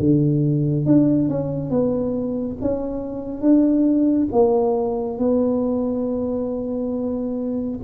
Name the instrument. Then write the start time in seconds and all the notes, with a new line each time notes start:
tuba
0.00 D3
0.86 D4
1.29 C#4
1.70 B3
2.62 C#4
3.42 D4
4.32 A#3
5.19 B3